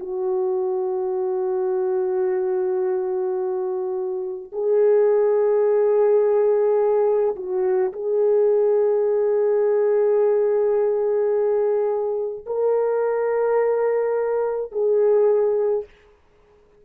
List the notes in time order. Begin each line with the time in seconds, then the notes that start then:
0.00 F#4
4.52 G#4
7.36 F#4
7.93 G#4
12.47 A#4
14.72 G#4